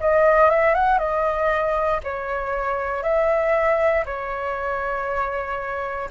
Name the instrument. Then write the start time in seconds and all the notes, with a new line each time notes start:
flute
0.00 D#5
0.49 E5
0.74 F#5
0.98 D#5
2.03 C#5
3.02 E5
4.05 C#5